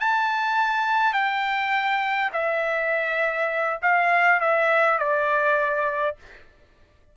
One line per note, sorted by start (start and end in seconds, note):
0.00 1.13 A5
1.13 2.31 G5
2.33 3.80 E5
3.82 4.40 F5
4.40 4.99 E5
4.99 6.16 D5